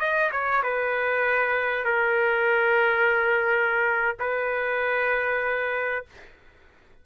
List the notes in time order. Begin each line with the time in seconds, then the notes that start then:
0.00 D#5
0.32 C#5
0.63 B4
1.85 A#4
4.20 B4